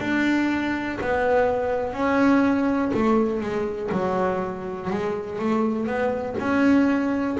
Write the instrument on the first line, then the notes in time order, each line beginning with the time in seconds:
double bass
0.00 D4
1.01 B3
1.94 C#4
2.94 A3
3.41 G#3
3.92 F#3
4.90 G#3
5.39 A3
5.86 B3
6.39 C#4